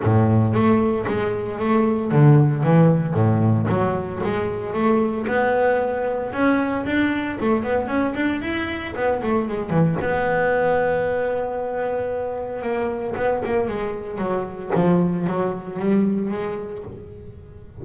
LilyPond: \new Staff \with { instrumentName = "double bass" } { \time 4/4 \tempo 4 = 114 a,4 a4 gis4 a4 | d4 e4 a,4 fis4 | gis4 a4 b2 | cis'4 d'4 a8 b8 cis'8 d'8 |
e'4 b8 a8 gis8 e8 b4~ | b1 | ais4 b8 ais8 gis4 fis4 | f4 fis4 g4 gis4 | }